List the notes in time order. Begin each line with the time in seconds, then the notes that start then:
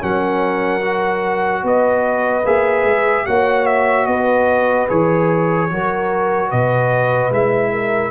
0.00 F#3 C#4 A#4 F#5
0.81 F#4
1.64 B3 B4 D#5
2.45 A#3 G#4 E5
2.85 G#3
3.26 A#3 F#4 C#5 F#5
3.66 E5
4.07 B3 B4 D#5
4.89 E3 G#4 C#5
5.70 F#3 F#4 A#4
6.49 B2 B4 D#5
7.31 G#3 E4 E5
7.71 A#4